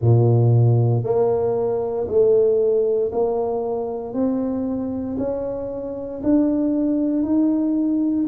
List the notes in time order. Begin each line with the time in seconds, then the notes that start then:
0.01 A#2
1.03 A#3
2.07 A3
3.11 A#3
4.13 C4
5.18 C#4
6.23 D4
7.22 D#4